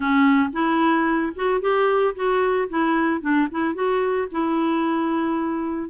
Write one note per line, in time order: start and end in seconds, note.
0.00 0.50 C#4
0.52 1.33 E4
1.35 1.60 F#4
1.60 2.14 G4
2.15 2.68 F#4
2.69 3.21 E4
3.21 3.47 D4
3.51 3.74 E4
3.74 4.27 F#4
4.31 5.89 E4